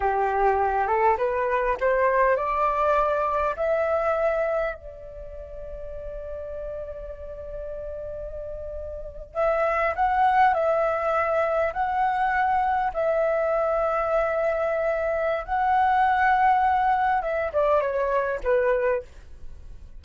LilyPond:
\new Staff \with { instrumentName = "flute" } { \time 4/4 \tempo 4 = 101 g'4. a'8 b'4 c''4 | d''2 e''2 | d''1~ | d''2.~ d''8. e''16~ |
e''8. fis''4 e''2 fis''16~ | fis''4.~ fis''16 e''2~ e''16~ | e''2 fis''2~ | fis''4 e''8 d''8 cis''4 b'4 | }